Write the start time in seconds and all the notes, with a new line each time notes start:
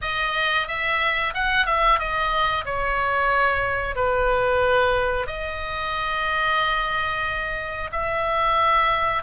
0.01 D#5
0.67 E5
1.34 F#5
1.66 E5
1.99 D#5
2.65 C#5
3.95 B4
5.26 D#5
7.92 E5